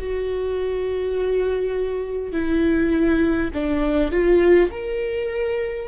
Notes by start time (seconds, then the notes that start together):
0.00 F#4
2.33 E4
3.55 D4
4.12 F4
4.72 A#4